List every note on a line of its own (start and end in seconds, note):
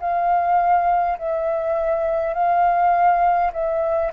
0.00 1.18 F5
1.18 2.34 E5
2.34 3.51 F5
3.53 4.12 E5